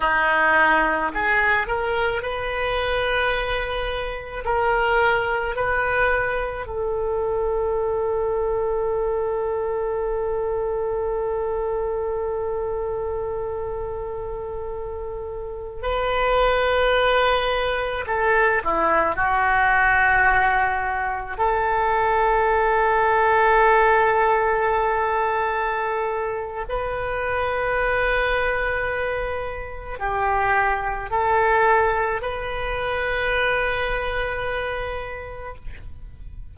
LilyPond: \new Staff \with { instrumentName = "oboe" } { \time 4/4 \tempo 4 = 54 dis'4 gis'8 ais'8 b'2 | ais'4 b'4 a'2~ | a'1~ | a'2~ a'16 b'4.~ b'16~ |
b'16 a'8 e'8 fis'2 a'8.~ | a'1 | b'2. g'4 | a'4 b'2. | }